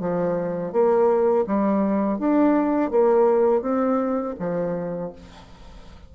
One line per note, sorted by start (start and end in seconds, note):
0.00 0.72 F3
0.72 1.45 A#3
1.47 2.19 G3
2.19 2.91 D4
2.91 3.62 A#3
3.62 4.35 C4
4.39 5.12 F3